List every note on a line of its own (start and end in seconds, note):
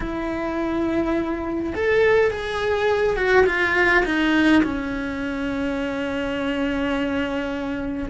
0.00 1.73 E4
1.75 2.31 A4
2.31 3.16 G#4
3.16 3.45 F#4
3.46 4.04 F4
4.05 4.62 D#4
4.63 8.09 C#4